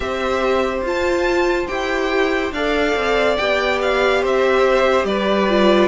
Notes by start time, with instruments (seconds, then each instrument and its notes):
0.00 cello C4, viola G4, violin C5 E5
0.81 cello F4, viola F4, violin A5
1.67 cello E4, viola G4, violin G5
2.51 cello D4, viola A4, violin D5 F5
2.95 cello C4
3.36 cello B3, viola G4, violin G5
3.81 violin F5
4.21 cello C4, violin C5 E5
5.04 cello G3, violin B4 D5
5.49 viola F4